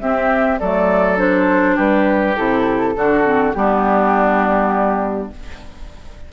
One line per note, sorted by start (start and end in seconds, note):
0.00 0.60 C4
0.00 0.61 C4
0.00 0.60 G4
0.00 0.59 E5
0.59 1.78 F#3
0.59 1.17 A3
0.59 1.76 A4
0.59 1.18 D5
1.17 2.34 D4
1.17 1.77 C5
1.76 2.37 G3
1.76 2.93 G4
1.76 2.36 B4
2.36 2.95 C3
2.36 2.95 E4
2.36 3.53 A4
2.95 3.54 D3
2.95 3.24 D4
2.95 3.56 F#4
3.24 3.53 C4
3.53 5.31 G3
3.53 5.31 B3
3.53 5.32 D4
3.53 5.30 G4